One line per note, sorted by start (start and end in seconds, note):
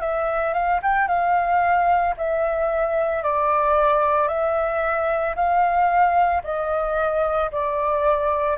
0.00 0.54 E5
0.54 0.80 F5
0.82 1.07 G5
1.07 2.14 F5
2.17 3.22 E5
3.22 4.28 D5
4.28 5.35 E5
5.35 6.42 F5
6.43 7.50 D#5
7.51 8.57 D5